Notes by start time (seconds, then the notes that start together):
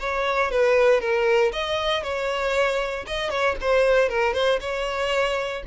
0.00 C#5
0.51 B4
1.01 A#4
1.53 D#5
2.03 C#5
3.07 D#5
3.30 C#5
3.61 C5
4.09 A#4
4.34 C5
4.61 C#5